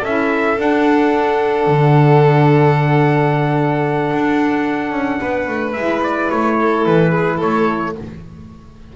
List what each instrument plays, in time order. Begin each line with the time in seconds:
0.00 double bass C#4, saxophone E4, violin A4, trumpet E5
0.56 saxophone D4, double bass D4, trumpet F#5
1.66 double bass D3
4.13 double bass D4
4.92 double bass C#4
5.20 double bass B3, violin B4
5.48 double bass A3
5.72 double bass G#3, saxophone E4, trumpet E5
6.03 trumpet D5
6.30 double bass A3, trumpet C#5
6.60 violin A4
6.86 double bass E3, trumpet B4
7.11 violin G#4
7.37 double bass A3, violin A4, trumpet C#5